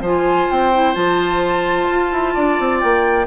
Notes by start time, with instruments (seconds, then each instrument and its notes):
0.00 bassoon F3, clarinet F4, oboe C5, flute G#5
0.50 bassoon C4, flute G5
0.73 clarinet E4
0.94 bassoon F3, clarinet F4, flute A5
1.89 bassoon F4
2.11 bassoon E4
2.34 bassoon D4, oboe D5
2.59 bassoon C4
2.80 bassoon A#3, flute G5